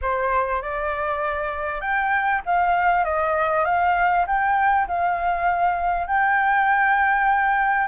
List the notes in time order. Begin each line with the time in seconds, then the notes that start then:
0.01 C5
0.61 D5
1.80 G5
2.45 F5
3.04 D#5
3.64 F5
4.26 G5
4.87 F5
6.07 G5